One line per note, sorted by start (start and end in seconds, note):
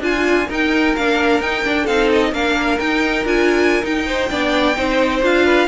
0.00 0.46 D4
0.00 0.49 F4
0.00 0.50 G#5
0.49 0.96 D#4
0.49 1.84 A#4
0.49 0.96 G5
0.96 1.41 A#3
0.96 1.43 D4
0.96 1.42 F5
1.41 1.64 D#4
1.41 1.87 G5
1.64 1.87 D4
1.64 1.88 D4
1.84 2.33 C4
1.84 2.30 A4
1.84 2.10 F5
1.90 2.34 D#4
2.13 2.34 D#5
2.33 2.79 A#3
2.33 2.80 D4
2.33 4.07 A#4
2.33 2.80 F5
2.80 3.25 D#4
2.80 3.26 G5
3.25 3.83 D4
3.25 3.82 F4
3.25 3.85 G#5
3.82 4.29 D#4
3.82 4.31 D#4
3.82 5.24 G5
4.07 4.30 C5
4.31 4.77 B3
4.31 4.75 D4
4.31 4.77 D5
4.75 5.23 C4
4.75 5.21 D#4
4.75 5.46 C5
5.23 5.68 D4
5.23 5.68 F4
5.23 5.68 F5
5.46 5.68 B4